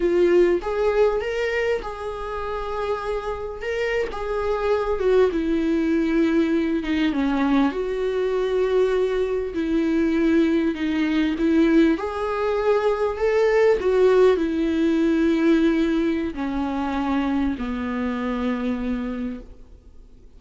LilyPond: \new Staff \with { instrumentName = "viola" } { \time 4/4 \tempo 4 = 99 f'4 gis'4 ais'4 gis'4~ | gis'2 ais'8. gis'4~ gis'16~ | gis'16 fis'8 e'2~ e'8 dis'8 cis'16~ | cis'8. fis'2. e'16~ |
e'4.~ e'16 dis'4 e'4 gis'16~ | gis'4.~ gis'16 a'4 fis'4 e'16~ | e'2. cis'4~ | cis'4 b2. | }